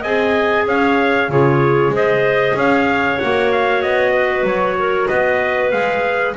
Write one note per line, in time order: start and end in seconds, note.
0.00 0.66 C4
0.00 1.30 G#4
0.00 0.63 D#5
0.00 0.66 G#5
0.66 1.29 C#4
0.66 1.30 C#5
0.66 1.31 F5
1.29 1.89 C#3
1.29 1.92 F4
1.29 1.93 G#4
1.29 1.94 C#5
1.89 2.52 G#3
1.89 3.18 G#4
1.89 2.56 C5
1.96 2.58 D#5
2.55 3.18 C#4
2.55 4.12 C#5
2.55 3.19 F5
3.19 3.83 A#3
3.19 5.72 F#4
3.19 3.50 F#5
3.52 3.82 F5
3.82 4.43 B3
3.82 4.45 D#5
4.12 4.76 B4
4.43 5.06 F#3
4.43 5.07 C#5
4.79 5.08 A#4
5.07 5.72 B3
5.07 6.34 B4
5.07 5.70 D#5
5.71 6.36 G#3
5.71 6.36 G#4
5.71 6.34 F5